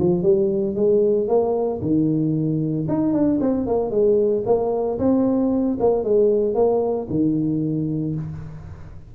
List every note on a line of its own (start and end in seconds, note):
0.00 0.23 F3
0.23 0.76 G3
0.76 1.28 G#3
1.28 1.81 A#3
1.82 2.87 D#3
2.89 3.14 D#4
3.14 3.40 D4
3.41 3.67 C4
3.67 3.91 A#3
3.91 4.44 G#3
4.46 4.99 A#3
4.99 5.78 C4
5.80 6.04 A#3
6.04 6.55 G#3
6.55 7.08 A#3
7.10 8.15 D#3